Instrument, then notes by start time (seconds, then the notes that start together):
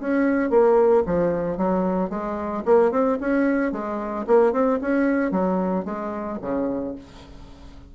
bassoon
0.00 C#4
0.50 A#3
1.06 F3
1.57 F#3
2.10 G#3
2.65 A#3
2.91 C4
3.20 C#4
3.72 G#3
4.27 A#3
4.52 C4
4.81 C#4
5.31 F#3
5.85 G#3
6.41 C#3